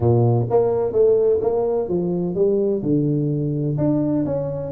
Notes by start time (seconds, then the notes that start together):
0.00 A#2
0.50 A#3
0.92 A3
1.41 A#3
1.88 F3
2.34 G3
2.82 D3
3.77 D4
4.25 C#4